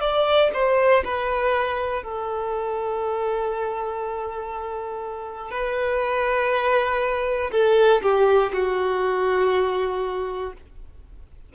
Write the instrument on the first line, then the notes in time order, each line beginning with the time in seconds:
violin
0.00 D5
0.53 C5
1.04 B4
2.03 A4
5.51 B4
7.51 A4
8.02 G4
8.52 F#4